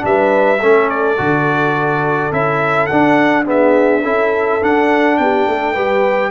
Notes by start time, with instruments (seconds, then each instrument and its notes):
0.00 tuba G3, trombone D4, horn B4, trumpet E5
0.60 tuba A3, trombone C#4, horn A4
0.90 trumpet D5
1.17 tuba D3, trombone F#4
2.32 tuba C#4, trombone E4, trumpet E5
2.86 tuba D4, trombone D4, trumpet F#5
3.45 trombone B3, horn G#4, trumpet E5
4.02 tuba C#4, trombone E4, horn A4
4.62 tuba D4, trombone D4, trumpet F#5
5.17 tuba B3, horn G4, trumpet G5
5.47 tuba A3, horn A4
5.73 tuba G3, trombone G4, horn B4